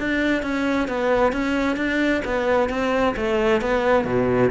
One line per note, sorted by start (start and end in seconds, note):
0.00 0.43 D4
0.43 0.88 C#4
0.88 1.33 B3
1.33 1.77 C#4
1.77 2.22 D4
2.25 2.70 B3
2.70 3.15 C4
3.17 3.62 A3
3.62 4.05 B3
4.05 4.50 B2